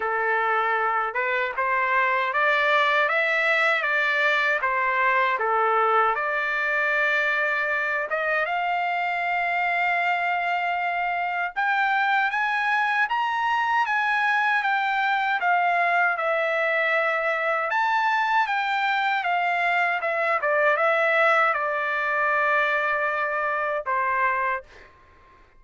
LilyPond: \new Staff \with { instrumentName = "trumpet" } { \time 4/4 \tempo 4 = 78 a'4. b'8 c''4 d''4 | e''4 d''4 c''4 a'4 | d''2~ d''8 dis''8 f''4~ | f''2. g''4 |
gis''4 ais''4 gis''4 g''4 | f''4 e''2 a''4 | g''4 f''4 e''8 d''8 e''4 | d''2. c''4 | }